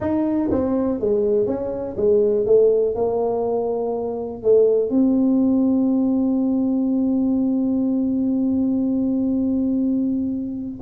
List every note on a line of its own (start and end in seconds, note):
0.00 0.49 D#4
0.51 1.00 C4
1.00 1.46 G#3
1.46 1.96 C#4
1.96 2.46 G#3
2.46 2.95 A3
2.95 4.42 A#3
4.43 4.90 A3
4.90 10.80 C4